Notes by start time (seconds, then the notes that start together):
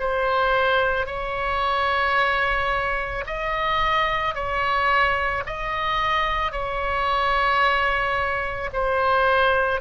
0.00 C5
1.06 C#5
3.27 D#5
4.34 C#5
5.46 D#5
6.52 C#5
8.73 C5